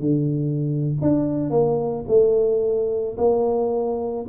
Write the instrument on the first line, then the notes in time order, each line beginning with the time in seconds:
tuba
0.00 D3
1.02 D4
1.50 A#3
2.08 A3
3.17 A#3